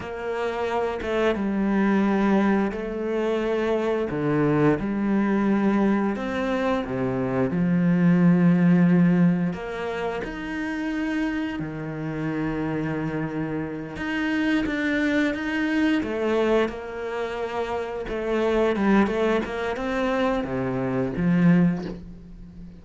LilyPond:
\new Staff \with { instrumentName = "cello" } { \time 4/4 \tempo 4 = 88 ais4. a8 g2 | a2 d4 g4~ | g4 c'4 c4 f4~ | f2 ais4 dis'4~ |
dis'4 dis2.~ | dis8 dis'4 d'4 dis'4 a8~ | a8 ais2 a4 g8 | a8 ais8 c'4 c4 f4 | }